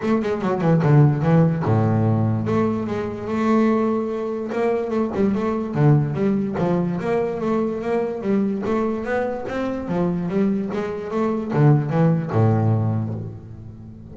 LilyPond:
\new Staff \with { instrumentName = "double bass" } { \time 4/4 \tempo 4 = 146 a8 gis8 fis8 e8 d4 e4 | a,2 a4 gis4 | a2. ais4 | a8 g8 a4 d4 g4 |
f4 ais4 a4 ais4 | g4 a4 b4 c'4 | f4 g4 gis4 a4 | d4 e4 a,2 | }